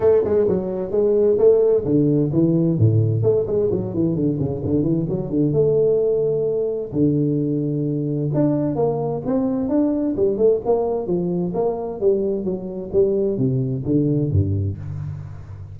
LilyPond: \new Staff \with { instrumentName = "tuba" } { \time 4/4 \tempo 4 = 130 a8 gis8 fis4 gis4 a4 | d4 e4 a,4 a8 gis8 | fis8 e8 d8 cis8 d8 e8 fis8 d8 | a2. d4~ |
d2 d'4 ais4 | c'4 d'4 g8 a8 ais4 | f4 ais4 g4 fis4 | g4 c4 d4 g,4 | }